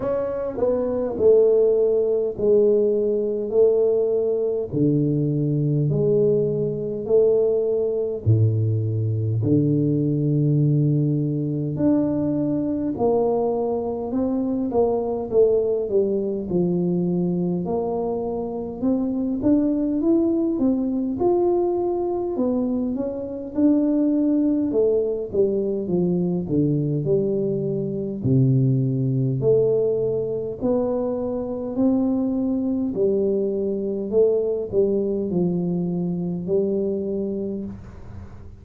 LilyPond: \new Staff \with { instrumentName = "tuba" } { \time 4/4 \tempo 4 = 51 cis'8 b8 a4 gis4 a4 | d4 gis4 a4 a,4 | d2 d'4 ais4 | c'8 ais8 a8 g8 f4 ais4 |
c'8 d'8 e'8 c'8 f'4 b8 cis'8 | d'4 a8 g8 f8 d8 g4 | c4 a4 b4 c'4 | g4 a8 g8 f4 g4 | }